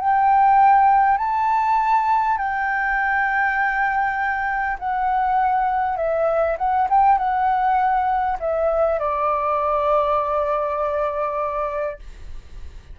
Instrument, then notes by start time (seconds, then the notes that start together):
flute
0.00 G5
1.18 A5
2.38 G5
4.79 F#5
5.97 E5
6.58 F#5
6.89 G5
7.18 F#5
8.39 E5
8.99 D5